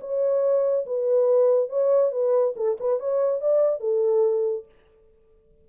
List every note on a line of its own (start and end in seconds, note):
0.00 0.85 C#5
0.86 1.69 B4
1.69 2.11 C#5
2.11 2.54 B4
2.56 2.77 A4
2.79 2.99 B4
2.99 3.40 C#5
3.40 3.80 D5
3.80 4.65 A4